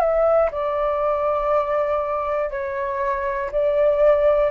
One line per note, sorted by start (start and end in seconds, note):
0.00 0.50 E5
0.52 2.51 D5
2.51 3.51 C#5
3.52 4.51 D5